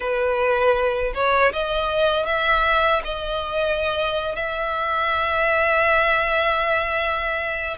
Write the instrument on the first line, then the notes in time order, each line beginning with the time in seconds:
violin
0.00 B4
1.14 C#5
1.53 D#5
2.26 E5
3.04 D#5
4.35 E5